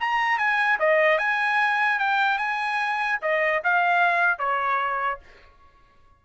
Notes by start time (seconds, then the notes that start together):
0.00 A#5
0.38 G#5
0.79 D#5
1.18 G#5
1.99 G5
2.38 G#5
3.22 D#5
3.64 F5
4.39 C#5